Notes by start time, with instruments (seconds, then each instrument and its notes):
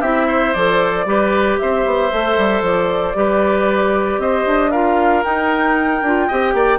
0.00 bassoon C4, clarinet E4, oboe G4, flute E5
0.27 oboe C5
0.53 bassoon F3, clarinet A4, flute D5
1.05 bassoon G3, clarinet G4, oboe B4
1.58 bassoon C4, oboe C5, flute E5
1.85 bassoon B3
2.12 bassoon A3, clarinet A4
2.37 bassoon G3
2.62 bassoon F3, flute D5
3.14 bassoon G3, clarinet G4, oboe B4
4.18 bassoon C4, oboe C5, flute D#5
4.46 bassoon D4
4.71 clarinet F4, oboe A#4, flute F5
5.24 clarinet D#4, bassoon D#4, flute G5
6.01 bassoon D4, clarinet F4
6.27 bassoon C4, clarinet G4, oboe D#5
6.54 bassoon A#3, oboe D5